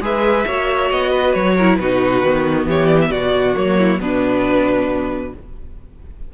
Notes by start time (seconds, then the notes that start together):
0.00 G#3 G#4 B4 E5
0.46 A#3 F#4 C#5
0.90 B3 D#5
1.10 B4
1.33 F#3 C#5
1.57 E4 A#4
1.76 B2 D#4 F#4 B4
2.22 D#3 B3
2.66 E3 G4 C#5
2.86 D5
3.01 E5
3.11 B2 F#4 D5
3.54 F#3 A#3 C#5
3.78 E4
3.98 B2 B3 D4 B4